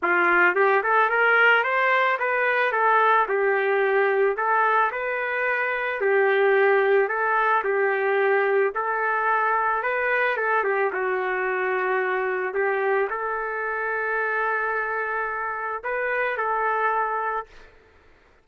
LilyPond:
\new Staff \with { instrumentName = "trumpet" } { \time 4/4 \tempo 4 = 110 f'4 g'8 a'8 ais'4 c''4 | b'4 a'4 g'2 | a'4 b'2 g'4~ | g'4 a'4 g'2 |
a'2 b'4 a'8 g'8 | fis'2. g'4 | a'1~ | a'4 b'4 a'2 | }